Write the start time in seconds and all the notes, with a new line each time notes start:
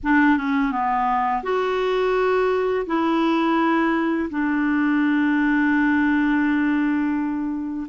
0.03 D4
0.37 C#4
0.71 B3
1.43 F#4
2.86 E4
4.30 D4